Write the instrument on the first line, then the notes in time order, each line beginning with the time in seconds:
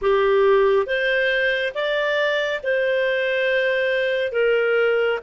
clarinet
0.01 G4
0.86 C5
1.74 D5
2.63 C5
4.32 A#4